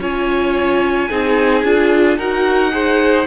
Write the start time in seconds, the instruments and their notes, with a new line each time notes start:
0.00 cello C#4, viola F4, violin C#5 G#5
1.09 cello C4, viola D#4, violin G#4
1.64 cello D4, viola F4
2.18 cello D#4, viola F#4, violin A#4 F#5
2.71 viola G#4, violin C5